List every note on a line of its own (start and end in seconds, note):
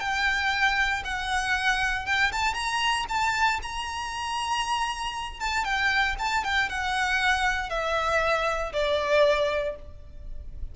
0.00 1.03 G5
1.04 2.06 F#5
2.06 2.31 G5
2.32 2.54 A5
2.54 3.05 A#5
3.09 3.60 A5
3.62 5.40 A#5
5.40 5.64 A5
5.64 6.16 G5
6.19 6.44 A5
6.44 6.69 G5
6.69 7.69 F#5
7.69 8.72 E5
8.73 9.75 D5